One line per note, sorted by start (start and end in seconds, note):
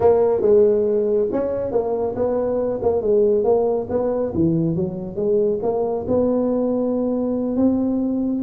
0.00 0.41 A#3
0.41 1.28 G#3
1.32 1.71 C#4
1.71 2.14 A#3
2.15 2.80 B3
2.82 3.01 A#3
3.01 3.44 G#3
3.44 3.87 A#3
3.89 4.32 B3
4.34 4.75 E3
4.75 5.16 F#3
5.16 5.59 G#3
5.62 6.05 A#3
6.07 7.56 B3
7.56 8.42 C4